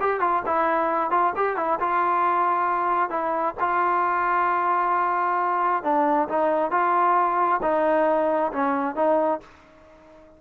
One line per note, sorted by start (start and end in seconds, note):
0.00 0.20 G4
0.20 0.43 F4
0.46 1.11 E4
1.11 1.33 F4
1.36 1.56 G4
1.56 1.79 E4
1.80 3.10 F4
3.10 3.55 E4
3.60 5.83 F4
5.83 6.28 D4
6.28 6.71 D#4
6.71 7.60 F4
7.62 8.52 D#4
8.52 8.95 C#4
8.95 9.40 D#4